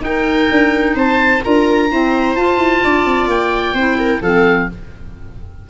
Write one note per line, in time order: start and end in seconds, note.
0.00 1.40 D#4
0.00 0.48 D#4
0.00 0.97 G5
0.06 0.96 A#4
0.52 0.95 D4
0.95 1.42 C4
0.95 1.42 C5
0.95 1.44 A5
1.43 1.92 D4
1.43 1.90 F4
1.43 1.92 A#4
1.43 2.36 A#5
1.92 2.37 C4
1.92 2.37 E4
1.92 2.84 C5
2.36 2.58 F4
2.36 3.77 F4
2.36 3.29 A5
2.58 2.81 E4
2.84 3.06 D4
2.84 3.75 D5
3.06 3.28 C4
3.28 3.74 A#3
3.28 4.24 G5
3.74 4.21 C4
3.74 4.23 E4
3.74 3.98 C5
3.99 4.22 A#4
4.22 4.69 F3
4.22 4.70 C4
4.22 4.69 A4
4.22 4.70 F5